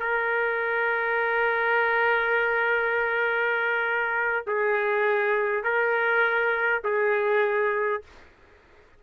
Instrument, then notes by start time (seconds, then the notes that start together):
trumpet
0.00 A#4
4.47 G#4
5.64 A#4
6.84 G#4